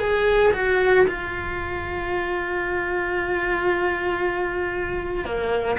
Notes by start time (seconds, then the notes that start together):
0.00 G#4
0.54 F#4
1.08 F4
5.25 A#3